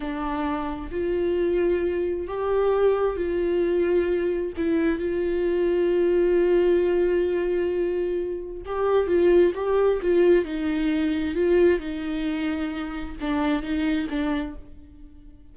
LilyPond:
\new Staff \with { instrumentName = "viola" } { \time 4/4 \tempo 4 = 132 d'2 f'2~ | f'4 g'2 f'4~ | f'2 e'4 f'4~ | f'1~ |
f'2. g'4 | f'4 g'4 f'4 dis'4~ | dis'4 f'4 dis'2~ | dis'4 d'4 dis'4 d'4 | }